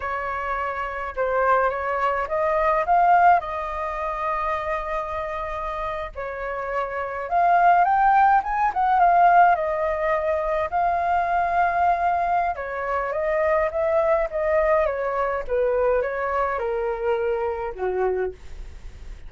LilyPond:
\new Staff \with { instrumentName = "flute" } { \time 4/4 \tempo 4 = 105 cis''2 c''4 cis''4 | dis''4 f''4 dis''2~ | dis''2~ dis''8. cis''4~ cis''16~ | cis''8. f''4 g''4 gis''8 fis''8 f''16~ |
f''8. dis''2 f''4~ f''16~ | f''2 cis''4 dis''4 | e''4 dis''4 cis''4 b'4 | cis''4 ais'2 fis'4 | }